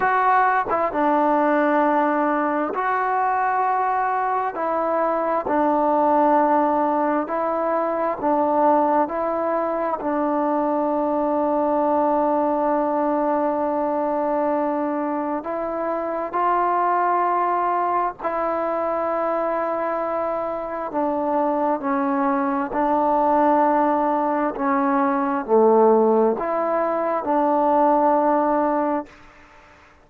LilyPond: \new Staff \with { instrumentName = "trombone" } { \time 4/4 \tempo 4 = 66 fis'8. e'16 d'2 fis'4~ | fis'4 e'4 d'2 | e'4 d'4 e'4 d'4~ | d'1~ |
d'4 e'4 f'2 | e'2. d'4 | cis'4 d'2 cis'4 | a4 e'4 d'2 | }